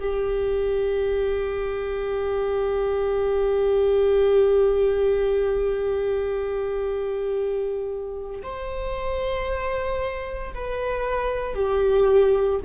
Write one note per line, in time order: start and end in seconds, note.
0.00 8.42 G4
8.44 10.54 C5
10.55 11.55 B4
11.55 12.60 G4